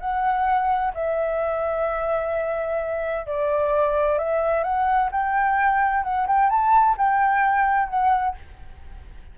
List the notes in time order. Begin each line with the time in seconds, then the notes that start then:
0.00 F#5
0.94 E5
3.26 D5
4.18 E5
4.64 F#5
5.11 G5
6.04 F#5
6.27 G5
6.50 A5
6.97 G5
7.89 F#5